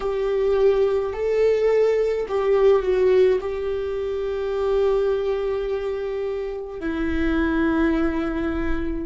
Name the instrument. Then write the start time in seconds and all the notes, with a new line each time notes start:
viola
0.00 G4
1.13 A4
2.28 G4
2.82 F#4
3.40 G4
6.79 E4